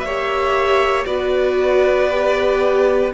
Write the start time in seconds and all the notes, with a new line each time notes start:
0.00 A#3 C#5 E5
0.06 G4
1.05 B3 F#4 B4 D5
2.09 G4